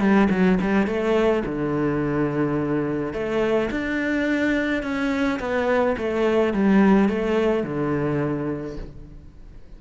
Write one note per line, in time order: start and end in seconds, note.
0.00 0.28 G3
0.30 0.58 F#3
0.61 0.87 G3
0.87 1.44 A3
1.46 3.13 D3
3.13 3.70 A3
3.71 4.83 D4
4.83 5.40 C#4
5.40 5.96 B3
5.98 6.54 A3
6.54 7.09 G3
7.09 7.64 A3
7.64 8.77 D3